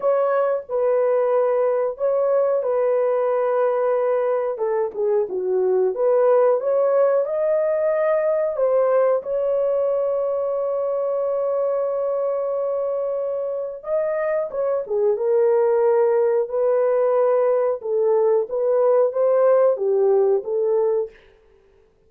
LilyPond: \new Staff \with { instrumentName = "horn" } { \time 4/4 \tempo 4 = 91 cis''4 b'2 cis''4 | b'2. a'8 gis'8 | fis'4 b'4 cis''4 dis''4~ | dis''4 c''4 cis''2~ |
cis''1~ | cis''4 dis''4 cis''8 gis'8 ais'4~ | ais'4 b'2 a'4 | b'4 c''4 g'4 a'4 | }